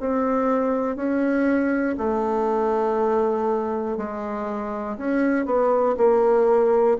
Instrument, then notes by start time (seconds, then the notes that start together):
bassoon
0.00 C4
0.96 C#4
1.98 A3
3.97 G#3
4.97 C#4
5.45 B3
5.97 A#3